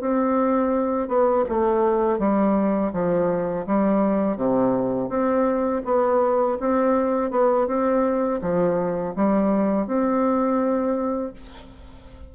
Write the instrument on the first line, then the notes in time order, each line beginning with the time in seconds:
bassoon
0.00 C4
1.07 B3
1.48 A3
2.19 G3
2.92 F3
3.66 G3
4.37 C3
5.09 C4
5.84 B3
6.60 C4
7.30 B3
7.67 C4
8.41 F3
9.15 G3
9.86 C4